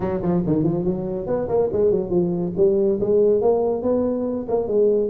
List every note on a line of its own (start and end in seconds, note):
0.00 0.21 F#3
0.21 0.43 F3
0.46 0.63 D#3
0.63 0.84 F3
0.84 1.26 F#3
1.26 1.48 B3
1.48 1.69 A#3
1.72 1.90 G#3
1.90 2.10 F#3
2.10 2.52 F3
2.56 2.99 G3
3.00 3.41 G#3
3.41 3.82 A#3
3.82 4.46 B3
4.48 4.67 A#3
4.67 5.09 G#3